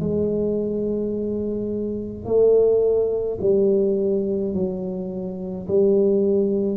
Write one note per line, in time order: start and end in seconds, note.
0.00 2.25 G#3
2.25 3.38 A3
3.41 4.54 G3
4.54 5.67 F#3
5.68 6.77 G3